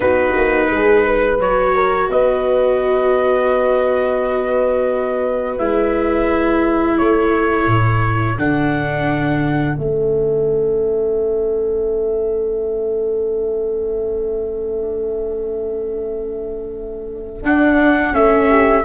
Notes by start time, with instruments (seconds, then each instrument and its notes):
0.00 tuba B3, viola D#4, horn F#4, trumpet B4
0.35 tuba A#3
0.70 tuba G#3, horn G#4
1.05 horn B4
1.38 tuba F#3, viola F#4, trumpet C#5
1.75 horn A#4
2.10 tuba B3, horn B4, trumpet D#5
5.58 tuba G#3, viola E4, trumpet E5
6.98 tuba A3, horn A4, trumpet C#5
7.66 tuba A2
8.37 tuba D3, viola D4, trumpet F#5
9.75 tuba A3, viola C#4, trumpet E5
17.42 tuba D4, viola D4, trumpet F#5
18.12 tuba A3, viola C#4, trumpet E5
18.49 horn G4